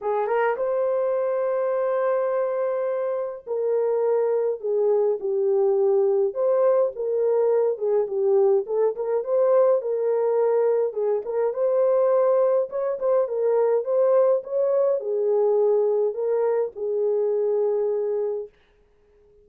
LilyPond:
\new Staff \with { instrumentName = "horn" } { \time 4/4 \tempo 4 = 104 gis'8 ais'8 c''2.~ | c''2 ais'2 | gis'4 g'2 c''4 | ais'4. gis'8 g'4 a'8 ais'8 |
c''4 ais'2 gis'8 ais'8 | c''2 cis''8 c''8 ais'4 | c''4 cis''4 gis'2 | ais'4 gis'2. | }